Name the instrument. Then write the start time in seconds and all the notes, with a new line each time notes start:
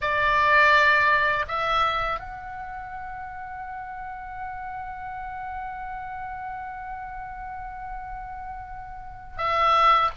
oboe
0.01 D5
1.48 E5
2.19 F#5
9.37 E5